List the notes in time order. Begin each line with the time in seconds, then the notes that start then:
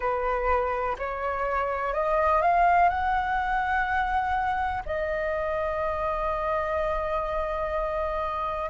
0.00 B4
0.98 C#5
1.94 D#5
2.41 F5
2.89 F#5
4.85 D#5